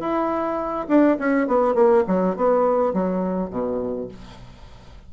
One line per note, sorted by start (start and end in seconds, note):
0.00 0.87 E4
0.88 1.17 D4
1.19 1.48 C#4
1.48 1.75 B3
1.75 2.04 A#3
2.08 2.36 F#3
2.36 2.93 B3
2.93 3.50 F#3
3.50 4.08 B2